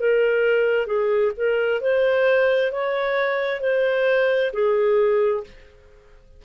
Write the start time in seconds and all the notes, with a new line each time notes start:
0.00 A#4
0.87 G#4
1.37 A#4
1.81 C5
2.72 C#5
3.61 C5
4.53 G#4